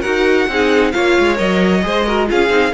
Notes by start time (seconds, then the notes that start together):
0.00 D#4 F#4 A#4 F#5
0.48 C4 D#4 G#4
0.92 A#3 F4 C#5 F5
1.19 G#3
1.36 F#3 A#4 D#5
1.82 G#3 G#4 C5
2.06 F#4 A#4
2.27 C#4 F4 G#4 F5
2.48 C4 D#4